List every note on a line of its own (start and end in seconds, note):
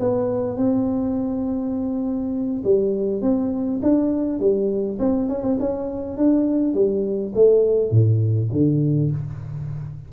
0.00 0.57 B3
0.57 2.63 C4
2.65 3.22 G3
3.22 3.81 C4
3.83 4.40 D4
4.40 4.99 G3
5.00 5.29 C4
5.29 5.44 C#4
5.44 5.58 C4
5.60 6.18 C#4
6.18 6.74 D4
6.74 7.33 G3
7.35 7.91 A3
7.91 8.50 A2
8.53 9.11 D3